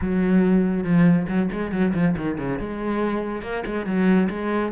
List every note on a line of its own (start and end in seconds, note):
0.01 0.83 F#3
0.83 1.26 F3
1.28 1.49 F#3
1.52 1.71 G#3
1.71 1.93 F#3
1.94 2.15 F3
2.16 2.37 D#3
2.37 2.59 C#3
2.59 3.42 G#3
3.42 3.63 A#3
3.65 3.86 G#3
3.86 4.29 F#3
4.29 4.71 G#3